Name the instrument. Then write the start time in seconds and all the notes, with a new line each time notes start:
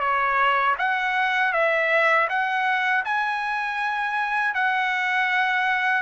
trumpet
0.00 C#5
0.78 F#5
1.53 E5
2.29 F#5
3.05 G#5
4.54 F#5